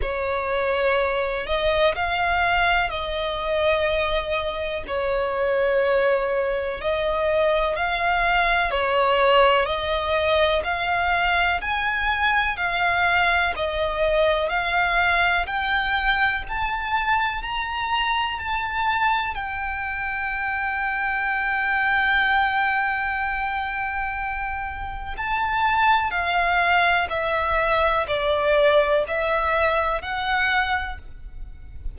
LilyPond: \new Staff \with { instrumentName = "violin" } { \time 4/4 \tempo 4 = 62 cis''4. dis''8 f''4 dis''4~ | dis''4 cis''2 dis''4 | f''4 cis''4 dis''4 f''4 | gis''4 f''4 dis''4 f''4 |
g''4 a''4 ais''4 a''4 | g''1~ | g''2 a''4 f''4 | e''4 d''4 e''4 fis''4 | }